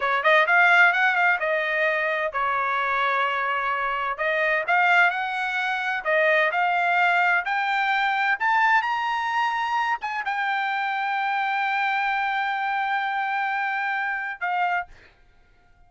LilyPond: \new Staff \with { instrumentName = "trumpet" } { \time 4/4 \tempo 4 = 129 cis''8 dis''8 f''4 fis''8 f''8 dis''4~ | dis''4 cis''2.~ | cis''4 dis''4 f''4 fis''4~ | fis''4 dis''4 f''2 |
g''2 a''4 ais''4~ | ais''4. gis''8 g''2~ | g''1~ | g''2. f''4 | }